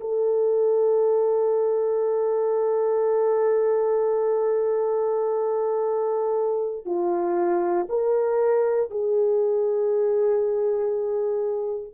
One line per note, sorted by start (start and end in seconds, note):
0.00 6.85 A4
6.85 7.87 F4
7.89 8.90 A#4
8.90 11.94 G#4